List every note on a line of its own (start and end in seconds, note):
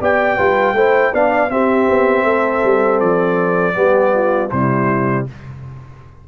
0.00 0.38 B3
0.00 0.37 G4
0.00 0.37 D5
0.00 1.14 G5
0.37 0.73 G3
0.37 0.75 F4
0.37 0.74 B4
0.73 1.11 A3
0.73 1.13 E4
0.73 1.13 C5
1.13 1.50 B3
1.13 1.49 D4
1.13 1.50 D5
1.13 1.50 F5
1.49 3.73 C4
1.49 1.88 C4
1.49 2.25 G4
1.49 2.99 E5
1.89 2.23 B3
2.23 2.61 A3
2.23 3.75 A4
2.63 3.00 G3
2.99 3.75 F3
2.99 4.49 D5
3.73 4.50 G3
3.73 4.48 B3
3.73 4.14 G4
4.14 4.51 F4
4.50 5.26 C3
4.50 5.27 G3
4.50 5.27 E4
4.50 5.25 C5